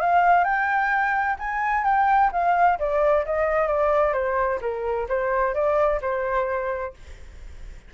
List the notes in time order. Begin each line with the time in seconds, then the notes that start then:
0.00 F5
0.44 G5
1.39 G#5
1.84 G5
2.32 F5
2.79 D5
3.25 D#5
3.67 D5
4.13 C5
4.61 A#4
5.09 C5
5.54 D5
6.01 C5